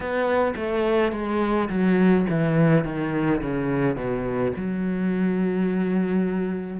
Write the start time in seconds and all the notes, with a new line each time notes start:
0.00 B3
0.56 A3
1.12 G#3
1.69 F#3
2.30 E3
2.84 D#3
3.41 C#3
3.96 B2
4.56 F#3